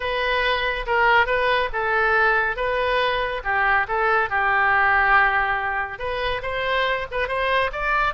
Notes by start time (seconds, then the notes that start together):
0.00 B4
0.86 A#4
1.26 B4
1.72 A4
2.56 B4
3.44 G4
3.87 A4
4.29 G4
5.98 B4
6.42 C5
7.11 B4
7.28 C5
7.72 D5